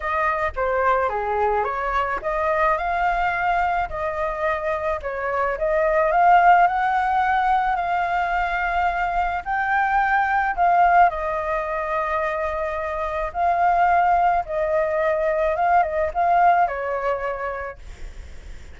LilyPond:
\new Staff \with { instrumentName = "flute" } { \time 4/4 \tempo 4 = 108 dis''4 c''4 gis'4 cis''4 | dis''4 f''2 dis''4~ | dis''4 cis''4 dis''4 f''4 | fis''2 f''2~ |
f''4 g''2 f''4 | dis''1 | f''2 dis''2 | f''8 dis''8 f''4 cis''2 | }